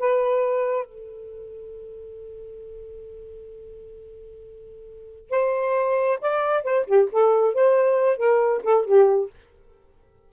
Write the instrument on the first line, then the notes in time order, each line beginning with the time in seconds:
saxophone
0.00 B4
0.86 A4
5.30 C5
6.22 D5
6.63 C5
6.87 G4
7.13 A4
7.54 C5
8.18 A#4
8.63 A4
8.85 G4